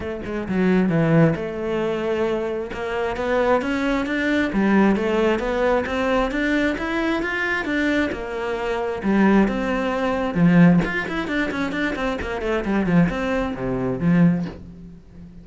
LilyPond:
\new Staff \with { instrumentName = "cello" } { \time 4/4 \tempo 4 = 133 a8 gis8 fis4 e4 a4~ | a2 ais4 b4 | cis'4 d'4 g4 a4 | b4 c'4 d'4 e'4 |
f'4 d'4 ais2 | g4 c'2 f4 | f'8 e'8 d'8 cis'8 d'8 c'8 ais8 a8 | g8 f8 c'4 c4 f4 | }